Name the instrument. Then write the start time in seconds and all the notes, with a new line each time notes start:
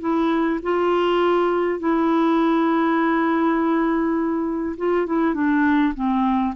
clarinet
0.00 E4
0.62 F4
1.79 E4
4.77 F4
5.06 E4
5.34 D4
5.95 C4